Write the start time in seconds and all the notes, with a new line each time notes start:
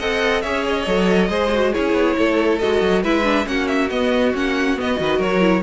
0.00 C4 A4 D#5 F#5
0.42 C#4 G#4 C#5 E5
0.69 D#5
0.86 F#3 A4
1.30 G#3 G#4 C5
1.55 F#4
1.73 C#4 E4 G#4 C#5
1.93 B3
2.17 A3 A4
2.59 G#3 F#4 D#5
2.82 F#3
3.03 G#3 E4 B4 E5
3.24 D4
3.45 A#3 C#4 F#4 F#5
3.68 E5
3.90 B3 D#5
4.34 A#3 C#4 F#5
4.77 B3 D#5
4.97 D#3 F#4 B4
5.18 F#3 A#4 C#5
5.41 E4